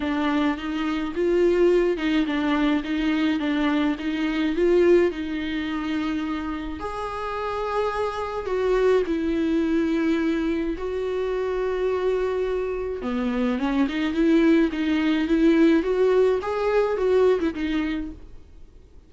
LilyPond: \new Staff \with { instrumentName = "viola" } { \time 4/4 \tempo 4 = 106 d'4 dis'4 f'4. dis'8 | d'4 dis'4 d'4 dis'4 | f'4 dis'2. | gis'2. fis'4 |
e'2. fis'4~ | fis'2. b4 | cis'8 dis'8 e'4 dis'4 e'4 | fis'4 gis'4 fis'8. e'16 dis'4 | }